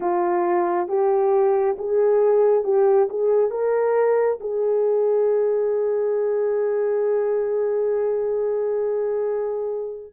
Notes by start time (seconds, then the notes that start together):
0.00 F4
0.88 G4
1.78 G#4
2.64 G4
3.09 G#4
3.50 A#4
4.40 G#4